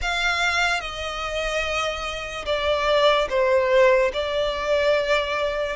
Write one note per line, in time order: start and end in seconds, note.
0.01 0.80 F5
0.80 2.45 D#5
2.45 3.28 D5
3.29 4.11 C5
4.13 5.76 D5